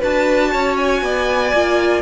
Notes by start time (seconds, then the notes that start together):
0.00 D4 F#4 B4 A5
0.53 C#4 C#5
0.77 G#5
1.02 B3 D5
1.54 A#3 F4